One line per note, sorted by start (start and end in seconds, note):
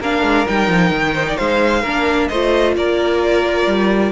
0.00 0.23 A#3
0.00 0.47 D4
0.00 1.14 A#4
0.00 0.47 F5
0.23 0.45 G#3
0.47 0.68 G3
0.47 1.84 D#4
0.47 1.37 G5
0.68 0.90 F3
0.90 1.36 D#3
1.14 1.25 C5
1.28 1.37 D5
1.37 1.83 G#3
1.37 1.82 C5
1.37 2.28 F5
1.82 2.29 A#3
1.82 2.31 D4
1.82 2.27 A#4
2.28 2.76 A3
2.28 4.12 F4
2.28 2.75 C5
2.28 2.74 D#5
2.76 3.67 A#3
2.76 4.12 A#4
2.76 4.12 D5
3.67 4.12 G3